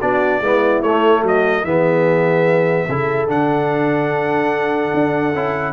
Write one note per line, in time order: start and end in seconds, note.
0.00 0.41 B3
0.00 0.43 D4
0.00 0.41 F#4
0.00 0.82 D5
0.41 0.82 G#3
0.41 0.85 B3
0.41 1.22 E4
0.82 1.23 A3
0.82 1.66 A3
0.82 1.23 C#5
1.22 1.64 F#3
1.22 1.63 F#4
1.22 1.65 D#5
1.64 2.87 E3
1.64 2.89 B3
1.64 2.88 G#4
1.64 3.29 E5
2.88 3.29 C#3
2.88 3.28 E4
2.88 5.73 A4
3.28 4.93 D3
3.28 5.34 D4
3.28 5.73 F#5
4.94 5.35 D4
5.35 5.73 C#4
5.35 5.73 E4